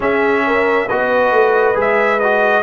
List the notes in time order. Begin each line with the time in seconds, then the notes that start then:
0.00 C#4 G#4 E5
0.47 A#4
0.86 B3 F#4 B4 D#5
1.31 A3
1.74 G#3 G#4
1.80 E5
2.19 F#4 D#5